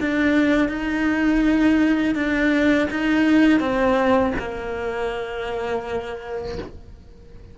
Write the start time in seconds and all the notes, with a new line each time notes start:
0.00 D4
0.69 D#4
2.15 D4
2.91 D#4
3.60 C4
4.39 A#3